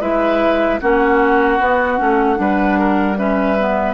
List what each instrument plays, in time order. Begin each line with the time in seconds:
0.00 bassoon G#3, clarinet E4, oboe B4, flute E5
0.80 bassoon A#3, clarinet C#4, oboe F#4, flute F#5
1.59 bassoon B3, clarinet B3
1.97 bassoon A3, clarinet C#4
2.36 bassoon G3, clarinet D4, oboe B4
2.79 oboe A#4
3.17 clarinet C#4, oboe B4, flute E5
3.59 clarinet B3